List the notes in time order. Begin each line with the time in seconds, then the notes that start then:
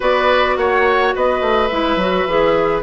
0.00 B3 F#4 B4 D5
0.56 A#3 C#5 F#5
1.15 B3 B4 D#5
1.41 A3
1.68 G#3 E4 E5
1.96 F#3 F#4
2.27 E3 G#4